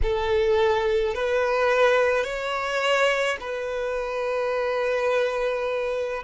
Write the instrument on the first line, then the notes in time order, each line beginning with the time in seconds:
violin
0.02 A4
1.14 B4
2.24 C#5
3.40 B4